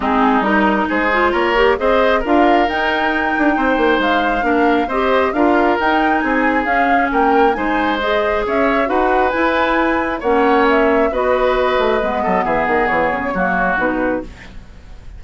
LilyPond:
<<
  \new Staff \with { instrumentName = "flute" } { \time 4/4 \tempo 4 = 135 gis'4 ais'4 c''4 cis''4 | dis''4 f''4 g''2~ | g''4 f''2 dis''4 | f''4 g''4 gis''4 f''4 |
g''4 gis''4 dis''4 e''4 | fis''4 gis''2 fis''4 | e''4 dis''2. | e''8 dis''8 cis''2 b'4 | }
  \new Staff \with { instrumentName = "oboe" } { \time 4/4 dis'2 gis'4 ais'4 | c''4 ais'2. | c''2 ais'4 c''4 | ais'2 gis'2 |
ais'4 c''2 cis''4 | b'2. cis''4~ | cis''4 b'2~ b'8 a'8 | gis'2 fis'2 | }
  \new Staff \with { instrumentName = "clarinet" } { \time 4/4 c'4 dis'4. f'4 g'8 | gis'4 f'4 dis'2~ | dis'2 d'4 g'4 | f'4 dis'2 cis'4~ |
cis'4 dis'4 gis'2 | fis'4 e'2 cis'4~ | cis'4 fis'2 b4~ | b2 ais4 dis'4 | }
  \new Staff \with { instrumentName = "bassoon" } { \time 4/4 gis4 g4 gis4 ais4 | c'4 d'4 dis'4. d'8 | c'8 ais8 gis4 ais4 c'4 | d'4 dis'4 c'4 cis'4 |
ais4 gis2 cis'4 | dis'4 e'2 ais4~ | ais4 b4. a8 gis8 fis8 | e8 dis8 e8 cis8 fis4 b,4 | }
>>